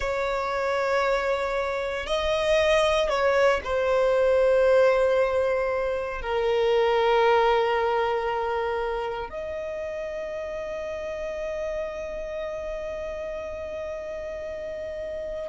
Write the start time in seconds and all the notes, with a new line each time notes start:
0.00 C#5
2.06 D#5
3.08 C#5
3.63 C5
6.21 A#4
9.29 D#5